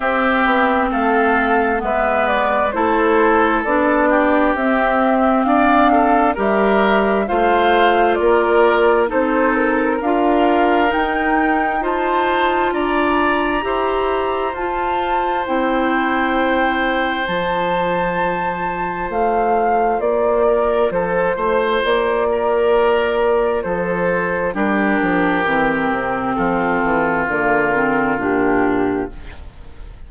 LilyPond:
<<
  \new Staff \with { instrumentName = "flute" } { \time 4/4 \tempo 4 = 66 e''4 f''4 e''8 d''8 c''4 | d''4 e''4 f''4 e''4 | f''4 d''4 c''8 ais'8 f''4 | g''4 a''4 ais''2 |
a''4 g''2 a''4~ | a''4 f''4 d''4 c''4 | d''2 c''4 ais'4~ | ais'4 a'4 ais'4 g'4 | }
  \new Staff \with { instrumentName = "oboe" } { \time 4/4 g'4 a'4 b'4 a'4~ | a'8 g'4. d''8 a'8 ais'4 | c''4 ais'4 a'4 ais'4~ | ais'4 c''4 d''4 c''4~ |
c''1~ | c''2~ c''8 ais'8 a'8 c''8~ | c''8 ais'4. a'4 g'4~ | g'4 f'2. | }
  \new Staff \with { instrumentName = "clarinet" } { \time 4/4 c'2 b4 e'4 | d'4 c'2 g'4 | f'2 dis'4 f'4 | dis'4 f'2 g'4 |
f'4 e'2 f'4~ | f'1~ | f'2. d'4 | c'2 ais8 c'8 d'4 | }
  \new Staff \with { instrumentName = "bassoon" } { \time 4/4 c'8 b8 a4 gis4 a4 | b4 c'4 d'4 g4 | a4 ais4 c'4 d'4 | dis'2 d'4 e'4 |
f'4 c'2 f4~ | f4 a4 ais4 f8 a8 | ais2 f4 g8 f8 | e8 c8 f8 e8 d4 ais,4 | }
>>